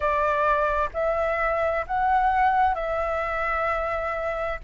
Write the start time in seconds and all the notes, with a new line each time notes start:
0.00 D5
0.93 E5
1.86 F#5
2.74 E5